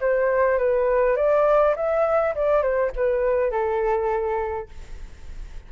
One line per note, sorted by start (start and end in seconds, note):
0.00 0.58 C5
0.58 1.16 B4
1.16 1.75 D5
1.76 2.34 E5
2.35 2.62 D5
2.62 2.91 C5
2.95 3.51 B4
3.51 4.68 A4